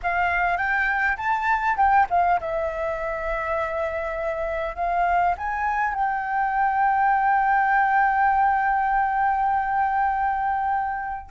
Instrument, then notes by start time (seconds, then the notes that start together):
flute
0.02 F5
0.57 G5
1.17 A5
1.76 G5
2.10 F5
2.40 E5
4.75 F5
5.37 G#5
5.94 G5